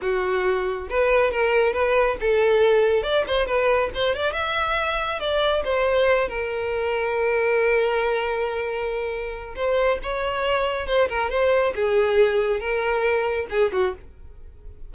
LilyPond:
\new Staff \with { instrumentName = "violin" } { \time 4/4 \tempo 4 = 138 fis'2 b'4 ais'4 | b'4 a'2 d''8 c''8 | b'4 c''8 d''8 e''2 | d''4 c''4. ais'4.~ |
ais'1~ | ais'2 c''4 cis''4~ | cis''4 c''8 ais'8 c''4 gis'4~ | gis'4 ais'2 gis'8 fis'8 | }